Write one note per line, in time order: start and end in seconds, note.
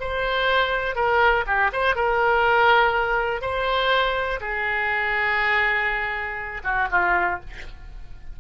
0.00 0.95 C5
0.95 1.44 A#4
1.46 1.71 G4
1.73 1.95 C5
1.95 3.41 A#4
3.41 4.39 C5
4.41 6.62 G#4
6.64 6.88 F#4
6.91 7.40 F4